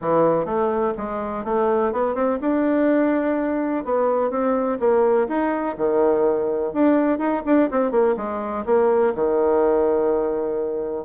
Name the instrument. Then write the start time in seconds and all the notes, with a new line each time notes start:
bassoon
0.01 E3
0.45 A3
0.97 G#3
1.44 A3
1.92 B3
2.14 C4
2.40 D4
3.84 B3
4.30 C4
4.79 A#3
5.28 D#4
5.77 D#3
6.73 D4
7.18 D#4
7.45 D4
7.70 C4
7.91 A#3
8.16 G#3
8.65 A#3
9.14 D#3